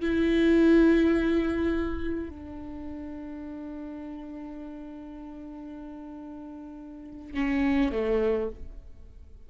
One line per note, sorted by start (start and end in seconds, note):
0.00 2.29 E4
2.29 7.34 D4
7.34 7.91 C#4
7.91 8.49 A3